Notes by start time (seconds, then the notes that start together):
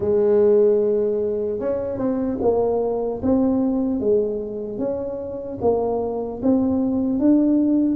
0.00 G#3
1.59 C#4
1.97 C4
2.41 A#3
3.22 C4
4.00 G#3
4.78 C#4
5.61 A#3
6.42 C4
7.19 D4